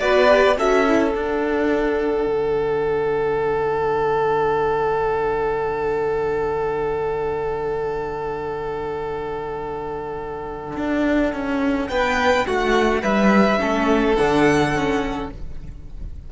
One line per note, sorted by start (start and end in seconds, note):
0.00 0.58 B3
0.00 0.28 F#4
0.00 0.57 B4
0.00 0.57 D5
0.28 0.57 G4
0.58 1.15 C#4
0.58 0.87 F#4
0.58 11.90 A4
0.58 1.15 E5
0.88 1.14 E4
1.14 13.60 D4
1.14 2.27 D4
1.14 11.89 F#5
2.27 10.76 D3
10.77 11.33 D4
11.33 11.90 C#4
11.89 12.46 B3
11.89 12.47 B4
11.89 12.46 G5
12.47 13.03 A3
12.47 13.02 F#4
12.47 13.03 F#5
13.02 13.59 G3
13.02 13.59 B4
13.02 14.16 E5
13.60 14.18 A3
13.60 14.16 C#4
13.60 15.31 A4
14.16 15.31 D3
14.16 14.75 D4
14.16 15.29 F#5
14.76 15.33 C#4